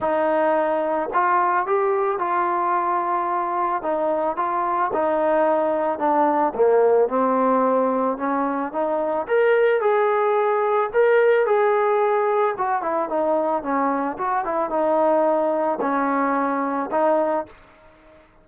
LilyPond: \new Staff \with { instrumentName = "trombone" } { \time 4/4 \tempo 4 = 110 dis'2 f'4 g'4 | f'2. dis'4 | f'4 dis'2 d'4 | ais4 c'2 cis'4 |
dis'4 ais'4 gis'2 | ais'4 gis'2 fis'8 e'8 | dis'4 cis'4 fis'8 e'8 dis'4~ | dis'4 cis'2 dis'4 | }